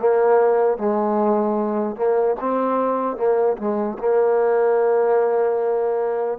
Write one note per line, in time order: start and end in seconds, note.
0.00 0.77 A#3
0.77 1.96 G#3
1.96 2.36 A#3
2.40 3.17 C4
3.17 3.57 A#3
3.58 3.98 G#3
3.99 6.39 A#3